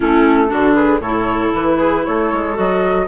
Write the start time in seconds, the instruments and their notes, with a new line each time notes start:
0.00 bassoon A3, clarinet C#4, viola E4, flute A4
0.48 bassoon D3, clarinet D4, viola F#4
0.74 viola G#4, flute B4
1.00 bassoon A2, clarinet E4, viola A4, flute C#5
1.53 bassoon E3, flute B4
1.78 viola G#4
2.05 bassoon A3, viola A4, flute C#5
2.32 bassoon G#3
2.54 bassoon F#3, clarinet F#4, flute D#5